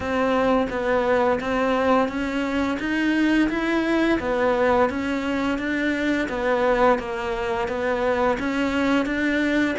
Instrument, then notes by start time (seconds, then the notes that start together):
cello
0.00 C4
0.70 B3
1.40 C4
2.08 C#4
2.79 D#4
3.49 E4
4.19 B3
4.89 C#4
5.58 D4
6.29 B3
6.98 A#3
7.67 B3
8.39 C#4
9.05 D4